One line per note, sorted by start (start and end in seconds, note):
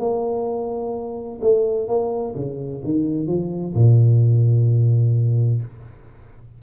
0.00 1.41 A#3
1.41 1.88 A3
1.88 2.35 A#3
2.36 2.83 C#3
2.84 3.27 D#3
3.27 3.74 F3
3.75 5.62 A#2